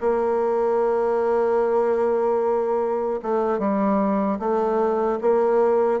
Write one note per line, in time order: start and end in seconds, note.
0.00 3.20 A#3
3.22 3.59 A3
3.59 4.39 G3
4.39 5.19 A3
5.21 6.00 A#3